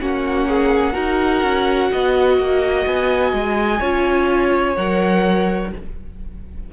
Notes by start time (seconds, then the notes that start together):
0.00 A#3 C#4 F#4 F#5
0.48 G#4
0.93 D#4 F#4 A#4
1.43 C#4
1.92 B3 D#5
2.38 A#3
2.86 B3 G#5
3.33 G#3
3.80 C#4 F4 C#5
4.76 F#3 A#4 F#5